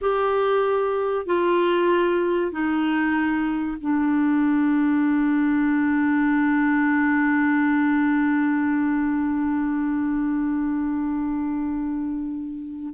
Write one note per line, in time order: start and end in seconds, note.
0.01 1.26 G4
1.26 2.51 F4
2.51 3.77 D#4
3.80 12.94 D4